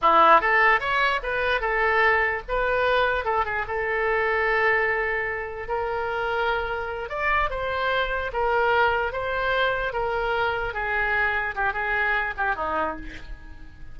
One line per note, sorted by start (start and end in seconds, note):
0.01 0.41 E4
0.41 0.80 A4
0.80 1.20 C#5
1.22 1.61 B4
1.61 2.42 A4
2.48 3.25 B4
3.25 3.45 A4
3.45 3.65 G#4
3.67 5.68 A4
5.68 7.09 A#4
7.09 7.49 D5
7.50 8.31 C5
8.33 9.12 A#4
9.12 9.92 C5
9.92 10.73 A#4
10.73 11.54 G#4
11.55 11.73 G4
11.73 12.34 G#4
12.37 12.55 G4
12.55 12.96 D#4